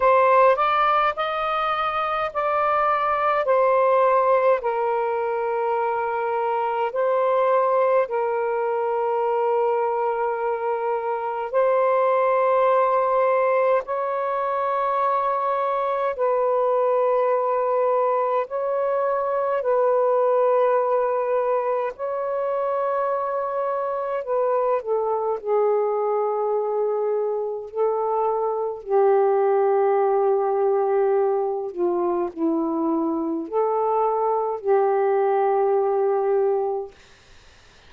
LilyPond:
\new Staff \with { instrumentName = "saxophone" } { \time 4/4 \tempo 4 = 52 c''8 d''8 dis''4 d''4 c''4 | ais'2 c''4 ais'4~ | ais'2 c''2 | cis''2 b'2 |
cis''4 b'2 cis''4~ | cis''4 b'8 a'8 gis'2 | a'4 g'2~ g'8 f'8 | e'4 a'4 g'2 | }